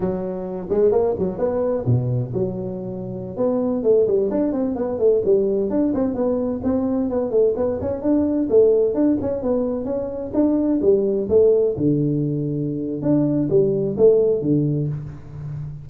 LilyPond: \new Staff \with { instrumentName = "tuba" } { \time 4/4 \tempo 4 = 129 fis4. gis8 ais8 fis8 b4 | b,4 fis2~ fis16 b8.~ | b16 a8 g8 d'8 c'8 b8 a8 g8.~ | g16 d'8 c'8 b4 c'4 b8 a16~ |
a16 b8 cis'8 d'4 a4 d'8 cis'16~ | cis'16 b4 cis'4 d'4 g8.~ | g16 a4 d2~ d8. | d'4 g4 a4 d4 | }